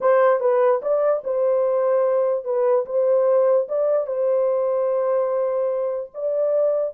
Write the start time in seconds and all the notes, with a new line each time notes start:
0.00 C5
0.40 B4
0.82 D5
1.24 C5
2.44 B4
2.85 C5
3.68 D5
4.06 C5
6.14 D5